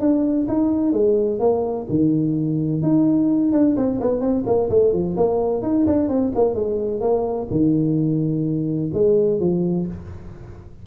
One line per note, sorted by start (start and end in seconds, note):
0.00 0.47 D4
0.48 0.93 D#4
0.93 1.40 G#3
1.40 1.86 A#3
1.89 2.82 D#3
2.82 3.52 D#4
3.52 3.76 D4
3.76 4.00 C4
4.01 4.21 B3
4.21 4.44 C4
4.46 4.70 A#3
4.70 4.93 A3
4.93 5.16 F3
5.17 5.62 A#3
5.62 5.86 D#4
5.87 6.09 D4
6.09 6.32 C4
6.35 6.55 A#3
6.55 7.01 G#3
7.01 7.47 A#3
7.50 8.91 D#3
8.93 9.40 G#3
9.40 9.87 F3